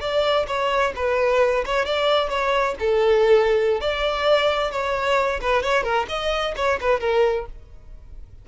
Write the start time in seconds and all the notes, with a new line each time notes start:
0.00 D5
0.47 C#5
0.96 B4
1.65 C#5
1.85 D5
2.29 C#5
2.79 A4
3.80 D5
4.71 C#5
5.41 B4
5.62 C#5
5.83 A#4
6.08 D#5
6.56 C#5
6.80 B4
7.00 A#4